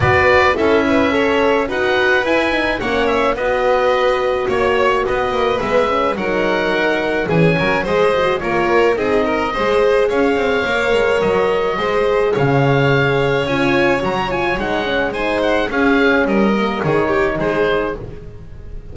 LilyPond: <<
  \new Staff \with { instrumentName = "oboe" } { \time 4/4 \tempo 4 = 107 d''4 e''2 fis''4 | gis''4 fis''8 e''8 dis''2 | cis''4 dis''4 e''4 fis''4~ | fis''4 gis''4 dis''4 cis''4 |
dis''2 f''2 | dis''2 f''2 | gis''4 ais''8 gis''8 fis''4 gis''8 fis''8 | f''4 dis''4 cis''4 c''4 | }
  \new Staff \with { instrumentName = "violin" } { \time 4/4 b'4 a'8 b'8 cis''4 b'4~ | b'4 cis''4 b'2 | cis''4 b'2 ais'4~ | ais'4 gis'8 ais'8 c''4 ais'4 |
gis'8 ais'8 c''4 cis''2~ | cis''4 c''4 cis''2~ | cis''2. c''4 | gis'4 ais'4 gis'8 g'8 gis'4 | }
  \new Staff \with { instrumentName = "horn" } { \time 4/4 fis'4 e'4 a'4 fis'4 | e'8 dis'8 cis'4 fis'2~ | fis'2 b8 cis'8 dis'4~ | dis'4 cis'4 gis'8 fis'8 f'4 |
dis'4 gis'2 ais'4~ | ais'4 gis'2. | f'4 fis'8 f'8 dis'8 cis'8 dis'4 | cis'4. ais8 dis'2 | }
  \new Staff \with { instrumentName = "double bass" } { \time 4/4 b4 cis'2 dis'4 | e'4 ais4 b2 | ais4 b8 ais8 gis4 fis4~ | fis4 e8 fis8 gis4 ais4 |
c'4 gis4 cis'8 c'8 ais8 gis8 | fis4 gis4 cis2 | cis'4 fis4 gis2 | cis'4 g4 dis4 gis4 | }
>>